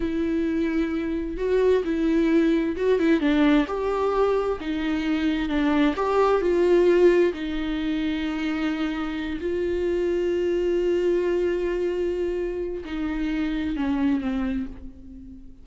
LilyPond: \new Staff \with { instrumentName = "viola" } { \time 4/4 \tempo 4 = 131 e'2. fis'4 | e'2 fis'8 e'8 d'4 | g'2 dis'2 | d'4 g'4 f'2 |
dis'1~ | dis'8 f'2.~ f'8~ | f'1 | dis'2 cis'4 c'4 | }